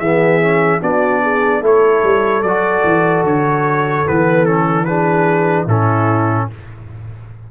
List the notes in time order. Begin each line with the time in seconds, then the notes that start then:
0.00 E3 B3 G#4 E5
0.43 C#4
0.82 B3 D4 F#4 D5
1.23 G#4
1.61 A3 E4 A4 C#5
2.04 G3
2.43 F#3 F#4 D5
2.85 E3
3.24 D3 C#5
4.07 E3 B3 B4
4.46 C#4 A4
4.85 D4 G#4 B4
5.66 A2 C#4 E4 A4